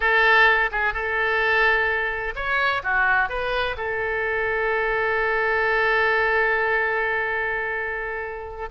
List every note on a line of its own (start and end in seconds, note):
0.00 0.70 A4
0.71 0.93 G#4
0.93 2.34 A4
2.35 2.82 C#5
2.83 3.29 F#4
3.29 3.76 B4
3.77 8.69 A4